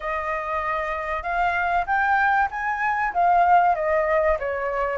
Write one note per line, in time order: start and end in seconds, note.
0.00 1.22 D#5
1.22 1.85 F5
1.86 2.48 G5
2.50 3.13 G#5
3.13 3.75 F5
3.75 4.38 D#5
4.39 4.97 C#5